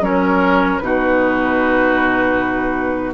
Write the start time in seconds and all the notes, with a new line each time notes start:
0.00 F#3 C#4 A#4 C#5
0.79 B2 D#4 F#4 B4